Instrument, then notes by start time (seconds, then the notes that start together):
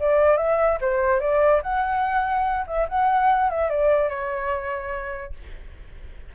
flute
0.00 D5
0.37 E5
0.81 C5
1.20 D5
1.63 F#5
2.67 E5
2.89 F#5
3.51 E5
3.70 D5
4.10 C#5